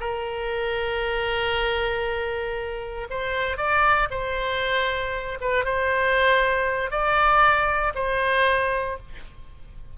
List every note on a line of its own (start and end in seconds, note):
0.00 3.08 A#4
3.10 3.57 C5
3.57 4.09 D5
4.10 5.38 C5
5.41 5.65 B4
5.65 6.91 C5
6.91 7.93 D5
7.95 8.97 C5